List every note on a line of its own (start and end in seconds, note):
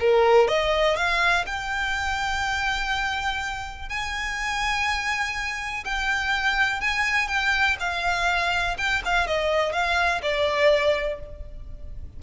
0.00 0.48 A#4
0.48 0.96 D#5
0.96 1.45 F5
1.47 3.89 G5
3.89 5.84 G#5
5.85 6.81 G5
6.81 7.28 G#5
7.28 7.77 G5
7.80 8.77 F5
8.78 9.02 G5
9.05 9.27 F5
9.27 9.73 D#5
9.73 10.22 F5
10.22 11.20 D5